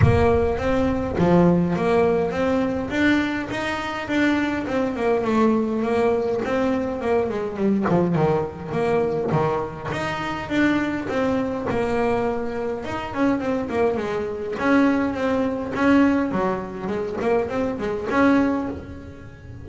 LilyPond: \new Staff \with { instrumentName = "double bass" } { \time 4/4 \tempo 4 = 103 ais4 c'4 f4 ais4 | c'4 d'4 dis'4 d'4 | c'8 ais8 a4 ais4 c'4 | ais8 gis8 g8 f8 dis4 ais4 |
dis4 dis'4 d'4 c'4 | ais2 dis'8 cis'8 c'8 ais8 | gis4 cis'4 c'4 cis'4 | fis4 gis8 ais8 c'8 gis8 cis'4 | }